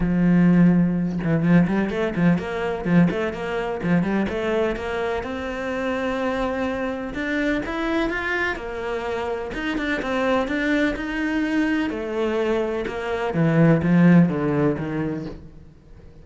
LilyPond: \new Staff \with { instrumentName = "cello" } { \time 4/4 \tempo 4 = 126 f2~ f8 e8 f8 g8 | a8 f8 ais4 f8 a8 ais4 | f8 g8 a4 ais4 c'4~ | c'2. d'4 |
e'4 f'4 ais2 | dis'8 d'8 c'4 d'4 dis'4~ | dis'4 a2 ais4 | e4 f4 d4 dis4 | }